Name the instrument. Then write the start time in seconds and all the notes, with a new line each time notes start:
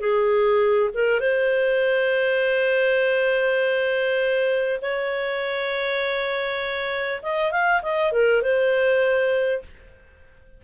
clarinet
0.00 G#4
0.94 A#4
1.20 C5
4.82 C#5
7.22 D#5
7.52 F5
7.82 D#5
8.12 A#4
8.42 C5